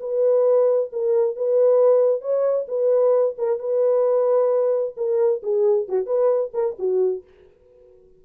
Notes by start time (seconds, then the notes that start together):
0.00 B4
0.93 A#4
1.36 B4
2.21 C#5
2.68 B4
3.38 A#4
3.59 B4
4.97 A#4
5.43 G#4
5.89 F#4
6.06 B4
6.54 A#4
6.79 F#4